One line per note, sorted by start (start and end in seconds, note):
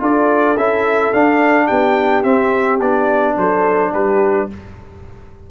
0.00 0.55 D4
0.00 0.56 F4
0.00 1.67 A4
0.00 0.57 D5
0.55 1.12 C#4
0.55 1.14 E4
0.55 1.13 E5
1.13 2.24 D4
1.13 1.70 D4
1.13 1.67 F5
1.67 2.24 B3
1.67 3.35 G4
1.67 2.23 G5
2.23 2.80 C4
2.23 2.79 E5
2.80 3.36 B3
2.80 4.50 D4
2.80 3.37 D5
3.37 3.92 F#3
3.37 3.91 A4
3.37 3.94 C5
3.91 4.48 G3
3.91 4.48 G4
3.91 4.50 B4